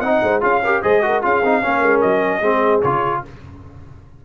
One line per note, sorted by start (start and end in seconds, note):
0.00 0.21 C4
0.00 0.41 D#4
0.00 0.20 D#5
0.00 0.40 F#5
0.23 0.42 G#3
0.23 0.43 C5
0.41 0.82 C#4
0.41 0.61 F4
0.41 0.62 G#4
0.41 0.83 F5
0.64 0.83 G4
0.64 0.82 A#4
0.82 1.24 G#3
0.82 1.02 G#4
0.82 1.02 C5
0.82 1.23 D#5
1.02 1.22 F#4
1.02 1.24 A#4
1.22 1.42 C#4
1.22 1.42 F4
1.22 1.62 G#4
1.22 2.01 F5
1.42 1.62 C4
1.42 1.62 D#4
1.62 1.83 A#3
1.62 2.42 C#4
1.62 2.41 A#4
1.83 2.03 G#3
2.01 2.41 F#3
2.01 2.81 D#5
2.41 2.81 G#3
2.41 2.83 C4
2.41 3.21 G#4
2.82 3.24 C#3
2.82 3.25 F4
2.82 3.22 C#5